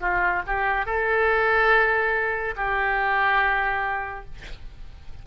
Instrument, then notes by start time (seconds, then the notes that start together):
oboe
0.00 F4
0.46 G4
0.86 A4
2.56 G4